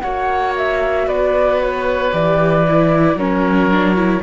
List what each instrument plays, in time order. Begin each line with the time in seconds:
0.00 cello A#3, viola F#4, oboe C#5, flute F#5
0.56 flute E5
1.07 cello B3, oboe B4, flute D5
1.61 flute C#5
2.11 cello E3, viola G4, flute D5
2.68 viola E4
3.15 cello F#3, viola C#4, oboe A#4, flute C#5
3.71 viola D4
3.96 viola E4